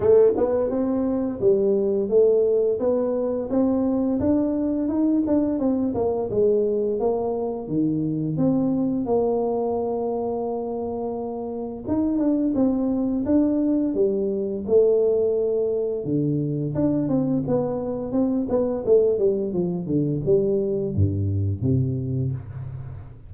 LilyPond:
\new Staff \with { instrumentName = "tuba" } { \time 4/4 \tempo 4 = 86 a8 b8 c'4 g4 a4 | b4 c'4 d'4 dis'8 d'8 | c'8 ais8 gis4 ais4 dis4 | c'4 ais2.~ |
ais4 dis'8 d'8 c'4 d'4 | g4 a2 d4 | d'8 c'8 b4 c'8 b8 a8 g8 | f8 d8 g4 g,4 c4 | }